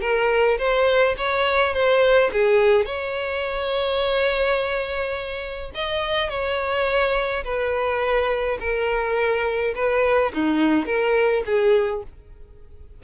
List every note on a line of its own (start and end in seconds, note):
0.00 0.57 A#4
0.58 1.15 C5
1.17 1.73 C#5
1.73 2.30 C5
2.32 2.85 G#4
2.85 5.71 C#5
5.74 6.29 D#5
6.29 7.43 C#5
7.44 8.58 B4
8.59 9.74 A#4
9.75 10.32 B4
10.33 10.85 D#4
10.85 11.42 A#4
11.45 12.02 G#4